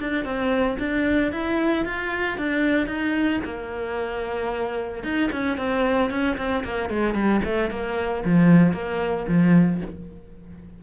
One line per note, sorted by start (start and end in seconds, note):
0.00 0.25 D4
0.25 0.78 C4
0.79 1.32 D4
1.32 1.85 E4
1.85 2.38 F4
2.38 2.87 D4
2.87 3.40 D#4
3.44 5.04 A#3
5.04 5.30 D#4
5.32 5.58 C#4
5.58 6.10 C4
6.10 6.37 C#4
6.37 6.64 C4
6.64 6.90 A#3
6.90 7.14 G#3
7.14 7.41 G3
7.45 7.70 A3
7.70 8.23 A#3
8.25 8.73 F3
8.73 9.26 A#3
9.28 9.81 F3